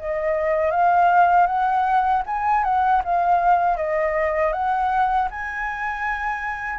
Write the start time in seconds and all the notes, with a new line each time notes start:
0.00 D#5
0.71 F5
1.47 F#5
2.27 G#5
2.64 F#5
3.04 F5
3.77 D#5
4.53 F#5
5.31 G#5